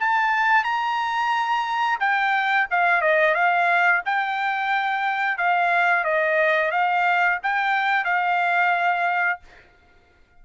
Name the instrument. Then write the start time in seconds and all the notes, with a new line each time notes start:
trumpet
0.00 A5
0.64 A#5
2.00 G5
2.71 F5
3.02 D#5
3.35 F5
4.05 G5
5.38 F5
6.04 D#5
6.72 F5
7.43 G5
8.05 F5